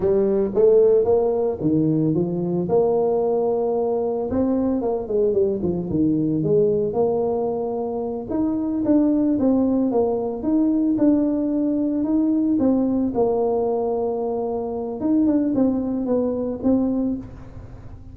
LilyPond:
\new Staff \with { instrumentName = "tuba" } { \time 4/4 \tempo 4 = 112 g4 a4 ais4 dis4 | f4 ais2. | c'4 ais8 gis8 g8 f8 dis4 | gis4 ais2~ ais8 dis'8~ |
dis'8 d'4 c'4 ais4 dis'8~ | dis'8 d'2 dis'4 c'8~ | c'8 ais2.~ ais8 | dis'8 d'8 c'4 b4 c'4 | }